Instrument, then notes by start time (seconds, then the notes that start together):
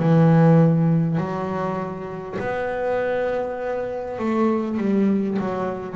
double bass
0.00 E3
1.18 F#3
2.40 B3
4.19 A3
4.78 G3
5.39 F#3